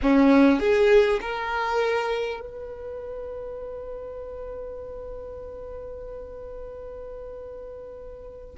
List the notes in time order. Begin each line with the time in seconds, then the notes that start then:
0.02 C#4
0.59 G#4
1.21 A#4
2.40 B4